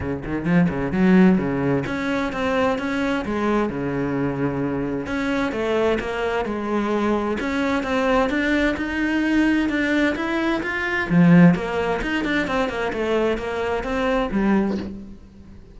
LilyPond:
\new Staff \with { instrumentName = "cello" } { \time 4/4 \tempo 4 = 130 cis8 dis8 f8 cis8 fis4 cis4 | cis'4 c'4 cis'4 gis4 | cis2. cis'4 | a4 ais4 gis2 |
cis'4 c'4 d'4 dis'4~ | dis'4 d'4 e'4 f'4 | f4 ais4 dis'8 d'8 c'8 ais8 | a4 ais4 c'4 g4 | }